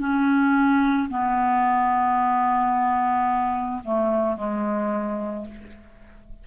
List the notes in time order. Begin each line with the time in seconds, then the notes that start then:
0.00 C#4
1.10 B3
3.84 A3
4.37 G#3